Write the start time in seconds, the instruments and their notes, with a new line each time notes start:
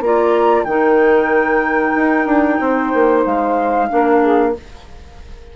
0.00 bassoon A#3, clarinet F4, saxophone D5, flute A#5
0.64 bassoon D#3, clarinet D#4, saxophone A#4, flute G5
1.95 bassoon D#4
2.26 bassoon D4
2.60 bassoon C4, saxophone C5
2.94 bassoon A#3
3.25 bassoon G#3, flute F5
3.89 bassoon A#3, clarinet D4, saxophone A#4
4.21 saxophone G#4